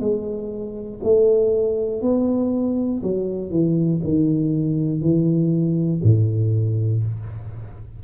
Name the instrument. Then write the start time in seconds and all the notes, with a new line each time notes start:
tuba
0.00 G#3
1.03 A3
2.02 B3
3.02 F#3
3.50 E3
4.03 D#3
5.01 E3
6.03 A2